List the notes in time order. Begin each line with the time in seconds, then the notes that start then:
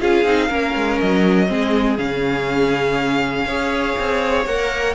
0.00 C#4 F4 G#4 F5
0.24 C4 D#4
0.47 A#3 C#4 A#4
0.75 G#3
0.99 F#3 D#5
1.47 G#3 C4 G#4
1.98 C#3 C#4 F5
3.45 C#4 G#4 C#5
3.98 C4
4.46 A#3 A#4 F#5